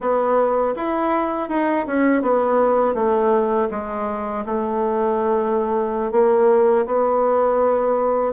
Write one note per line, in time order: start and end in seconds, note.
0.00 0.74 B3
0.75 1.48 E4
1.48 1.85 D#4
1.87 2.22 C#4
2.22 2.94 B3
2.94 3.68 A3
3.70 4.44 G#3
4.45 6.11 A3
6.11 6.85 A#3
6.86 8.32 B3